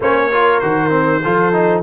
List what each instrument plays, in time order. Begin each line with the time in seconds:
0.00 tuba A#3, trombone C#4, horn C5, trumpet C#5
0.32 trombone F4, horn A#4
0.59 tuba D#3, trombone F#4, trumpet C5
0.90 trombone C4
1.22 tuba F3, trombone F4, horn A4
1.52 trombone D#4